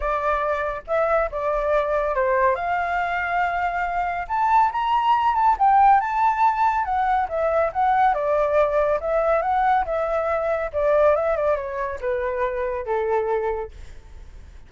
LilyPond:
\new Staff \with { instrumentName = "flute" } { \time 4/4 \tempo 4 = 140 d''2 e''4 d''4~ | d''4 c''4 f''2~ | f''2 a''4 ais''4~ | ais''8 a''8 g''4 a''2 |
fis''4 e''4 fis''4 d''4~ | d''4 e''4 fis''4 e''4~ | e''4 d''4 e''8 d''8 cis''4 | b'2 a'2 | }